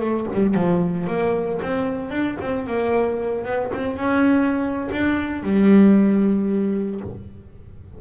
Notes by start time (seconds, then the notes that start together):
0.00 A3
0.33 G3
0.54 F3
1.07 A#3
1.62 C4
2.10 D4
2.41 C4
2.67 A#3
3.45 B3
3.74 C4
3.97 C#4
4.91 D4
5.43 G3